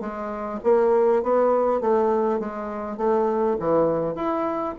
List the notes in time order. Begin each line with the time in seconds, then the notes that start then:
0.00 G#3
0.63 A#3
1.23 B3
1.80 A3
2.40 G#3
2.97 A3
3.59 E3
4.15 E4